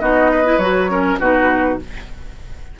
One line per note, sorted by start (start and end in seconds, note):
0.00 0.58 B3
0.00 0.44 D#4
0.00 0.31 F#4
0.00 0.58 D#5
0.31 0.90 B4
0.44 0.59 E4
0.58 1.17 F#3
0.58 0.89 F#4
0.58 1.17 C#5
0.89 1.19 C#4
0.89 1.19 A#4
1.19 1.78 B2
1.19 1.79 D#4
1.19 1.78 F#4
1.19 1.79 B4